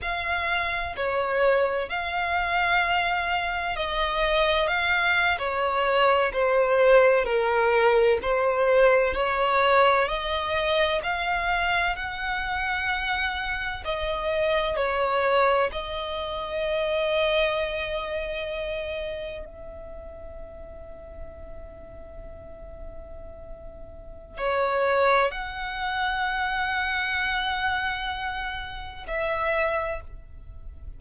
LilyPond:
\new Staff \with { instrumentName = "violin" } { \time 4/4 \tempo 4 = 64 f''4 cis''4 f''2 | dis''4 f''8. cis''4 c''4 ais'16~ | ais'8. c''4 cis''4 dis''4 f''16~ | f''8. fis''2 dis''4 cis''16~ |
cis''8. dis''2.~ dis''16~ | dis''8. e''2.~ e''16~ | e''2 cis''4 fis''4~ | fis''2. e''4 | }